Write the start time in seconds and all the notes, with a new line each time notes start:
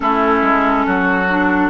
0.00 A3 C#4 E4 A4
0.41 G#3
0.86 F#3 F#4
1.29 D4